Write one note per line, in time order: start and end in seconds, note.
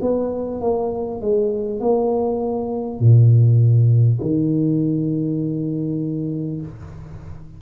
0.00 0.60 B3
0.61 1.21 A#3
1.21 1.79 G#3
1.79 2.99 A#3
2.99 4.19 A#2
4.21 6.61 D#3